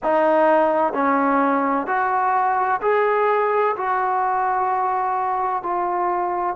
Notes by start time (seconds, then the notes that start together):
0.03 D#4
0.93 C#4
1.86 F#4
2.81 G#4
3.76 F#4
5.62 F4